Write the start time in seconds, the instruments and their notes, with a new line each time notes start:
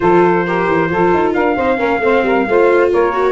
0.00 tuba F3, viola F4, saxophone A4, trumpet C5
0.45 viola G4, saxophone A#4
0.67 tuba E3
0.89 tuba F3, viola F4, saxophone A4
1.13 tuba D#4
1.33 tuba D4, saxophone A#4, trumpet F5
1.56 tuba C4, viola D#4, saxophone C5
1.77 tuba A#3, viola C#4, saxophone A#4
1.99 tuba A3, viola C4, saxophone C5
2.22 tuba G3, saxophone A#4
2.48 tuba A3, viola F4, saxophone C5
2.91 tuba A#3, saxophone A#4, trumpet C#5
3.12 viola F#4